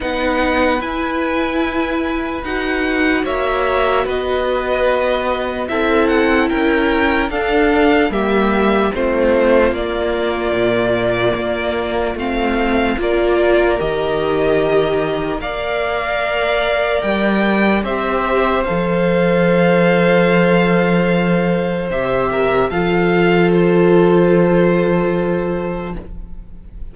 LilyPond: <<
  \new Staff \with { instrumentName = "violin" } { \time 4/4 \tempo 4 = 74 fis''4 gis''2 fis''4 | e''4 dis''2 e''8 fis''8 | g''4 f''4 e''4 c''4 | d''2. f''4 |
d''4 dis''2 f''4~ | f''4 g''4 e''4 f''4~ | f''2. e''4 | f''4 c''2. | }
  \new Staff \with { instrumentName = "violin" } { \time 4/4 b'1 | cis''4 b'2 a'4 | ais'4 a'4 g'4 f'4~ | f'1 |
ais'2. d''4~ | d''2 c''2~ | c''2.~ c''8 ais'8 | a'1 | }
  \new Staff \with { instrumentName = "viola" } { \time 4/4 dis'4 e'2 fis'4~ | fis'2. e'4~ | e'4 d'4 ais4 c'4 | ais2. c'4 |
f'4 g'2 ais'4~ | ais'2 g'4 a'4~ | a'2. g'4 | f'1 | }
  \new Staff \with { instrumentName = "cello" } { \time 4/4 b4 e'2 dis'4 | ais4 b2 c'4 | cis'4 d'4 g4 a4 | ais4 ais,4 ais4 a4 |
ais4 dis2 ais4~ | ais4 g4 c'4 f4~ | f2. c4 | f1 | }
>>